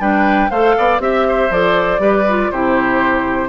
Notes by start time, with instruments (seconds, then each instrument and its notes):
0.00 bassoon G3, clarinet D4, oboe B4, flute G5
0.50 bassoon A3, clarinet A4, oboe C5, flute F5
0.78 bassoon B3, oboe D5
1.00 bassoon C4, clarinet G4, oboe E5, flute E5
1.28 oboe C5
1.50 bassoon F3, clarinet A4, flute D5
1.99 bassoon G3, clarinet G4, oboe B4
2.29 clarinet F4
2.51 bassoon C3, clarinet E4, oboe G4, flute C5